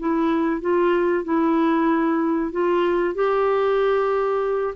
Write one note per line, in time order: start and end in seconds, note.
0.00 0.62 E4
0.62 1.25 F4
1.25 2.52 E4
2.52 3.15 F4
3.15 4.75 G4